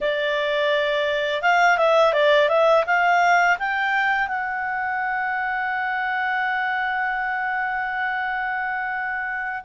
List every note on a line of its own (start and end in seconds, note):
0.00 1.42 D5
1.42 1.77 F5
1.77 2.13 E5
2.13 2.48 D5
2.48 2.84 E5
2.86 3.57 F5
3.58 4.27 G5
4.27 9.63 F#5